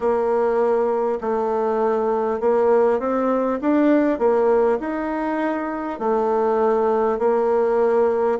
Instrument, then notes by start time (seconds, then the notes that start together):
bassoon
0.00 A#3
1.20 A3
2.40 A#3
2.99 C4
3.61 D4
4.18 A#3
4.80 D#4
5.99 A3
7.18 A#3